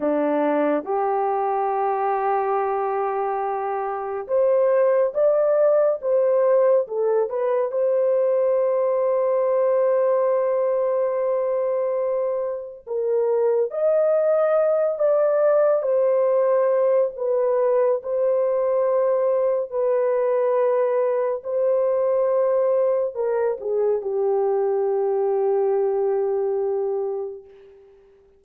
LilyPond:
\new Staff \with { instrumentName = "horn" } { \time 4/4 \tempo 4 = 70 d'4 g'2.~ | g'4 c''4 d''4 c''4 | a'8 b'8 c''2.~ | c''2. ais'4 |
dis''4. d''4 c''4. | b'4 c''2 b'4~ | b'4 c''2 ais'8 gis'8 | g'1 | }